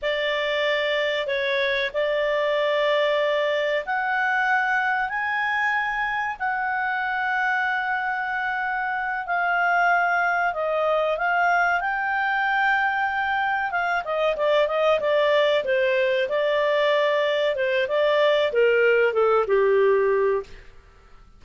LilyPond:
\new Staff \with { instrumentName = "clarinet" } { \time 4/4 \tempo 4 = 94 d''2 cis''4 d''4~ | d''2 fis''2 | gis''2 fis''2~ | fis''2~ fis''8 f''4.~ |
f''8 dis''4 f''4 g''4.~ | g''4. f''8 dis''8 d''8 dis''8 d''8~ | d''8 c''4 d''2 c''8 | d''4 ais'4 a'8 g'4. | }